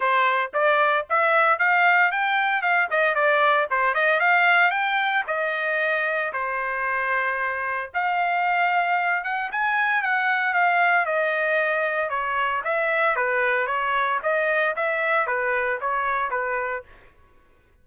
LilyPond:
\new Staff \with { instrumentName = "trumpet" } { \time 4/4 \tempo 4 = 114 c''4 d''4 e''4 f''4 | g''4 f''8 dis''8 d''4 c''8 dis''8 | f''4 g''4 dis''2 | c''2. f''4~ |
f''4. fis''8 gis''4 fis''4 | f''4 dis''2 cis''4 | e''4 b'4 cis''4 dis''4 | e''4 b'4 cis''4 b'4 | }